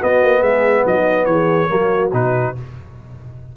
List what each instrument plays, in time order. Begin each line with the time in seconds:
0.00 trombone B3, tuba B3, horn F#4, trumpet D#5
0.22 tuba A#3
0.40 tuba G#3, horn G#4, trumpet E5
0.85 tuba F#3, horn D#4, trumpet D#5
1.25 tuba E3, horn G#4, trumpet C#5
1.68 tuba F#3, trombone A#3, horn F#4
2.12 tuba B2, trombone D#4, trumpet B4